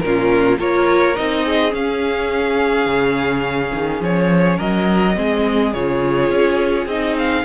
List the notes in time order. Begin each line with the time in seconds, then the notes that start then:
0.00 A#2 C#4 F4 A#4
0.58 A#3 F4 A#4 C#5
1.16 C4 D#4 D#5
1.44 G#4
1.71 C#4 F5
2.86 C#3
3.73 D#3
4.01 F3 C#5
4.57 F#3 A#4 D#5
5.15 G#3 C4 G#4
5.73 C#3 F4 C#5
6.30 C#4
6.86 C4 D#4 D#5
7.18 F5